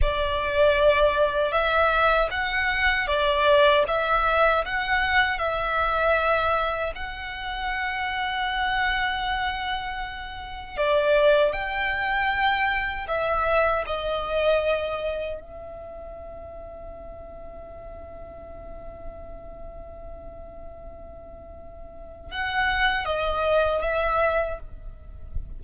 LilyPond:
\new Staff \with { instrumentName = "violin" } { \time 4/4 \tempo 4 = 78 d''2 e''4 fis''4 | d''4 e''4 fis''4 e''4~ | e''4 fis''2.~ | fis''2 d''4 g''4~ |
g''4 e''4 dis''2 | e''1~ | e''1~ | e''4 fis''4 dis''4 e''4 | }